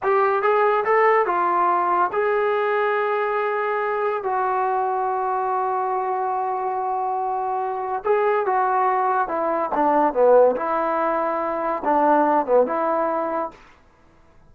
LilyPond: \new Staff \with { instrumentName = "trombone" } { \time 4/4 \tempo 4 = 142 g'4 gis'4 a'4 f'4~ | f'4 gis'2.~ | gis'2 fis'2~ | fis'1~ |
fis'2. gis'4 | fis'2 e'4 d'4 | b4 e'2. | d'4. b8 e'2 | }